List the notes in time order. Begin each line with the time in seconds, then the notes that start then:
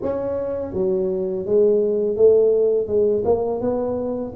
0.02 C#4
0.73 F#3
1.45 G#3
2.16 A3
2.87 G#3
3.24 A#3
3.60 B3